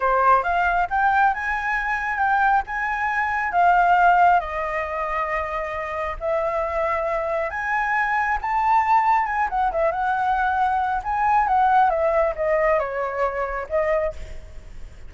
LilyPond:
\new Staff \with { instrumentName = "flute" } { \time 4/4 \tempo 4 = 136 c''4 f''4 g''4 gis''4~ | gis''4 g''4 gis''2 | f''2 dis''2~ | dis''2 e''2~ |
e''4 gis''2 a''4~ | a''4 gis''8 fis''8 e''8 fis''4.~ | fis''4 gis''4 fis''4 e''4 | dis''4 cis''2 dis''4 | }